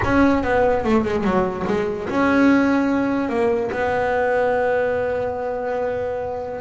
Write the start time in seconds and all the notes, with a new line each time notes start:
0.04 C#4
0.43 B3
0.84 A3
1.05 G#3
1.24 F#3
1.67 G#3
2.09 C#4
3.29 A#3
3.71 B3